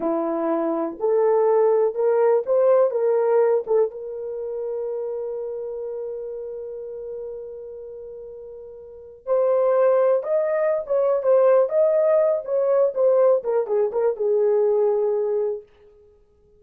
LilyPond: \new Staff \with { instrumentName = "horn" } { \time 4/4 \tempo 4 = 123 e'2 a'2 | ais'4 c''4 ais'4. a'8 | ais'1~ | ais'1~ |
ais'2. c''4~ | c''4 dis''4~ dis''16 cis''8. c''4 | dis''4. cis''4 c''4 ais'8 | gis'8 ais'8 gis'2. | }